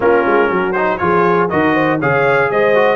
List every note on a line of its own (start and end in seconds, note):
0.00 0.24 A#3
0.00 0.74 C#4
0.00 0.50 F4
0.00 0.72 A#4
0.26 0.50 G#3
0.50 1.00 F#3
0.50 1.00 F#4
0.72 0.99 D#4
0.72 0.97 C5
0.97 1.51 F3
0.97 1.49 F4
0.97 1.51 G#4
0.97 1.47 C#5
1.49 2.02 D#3
1.49 1.99 F#4
1.49 1.73 A#4
1.49 1.99 D#5
1.73 1.98 C5
1.99 2.50 C#3
1.99 2.74 G#4
1.99 2.49 C#5
1.99 2.51 F5
2.50 2.96 G#3
2.50 2.96 C5
2.50 2.96 D#5
2.74 2.96 F#4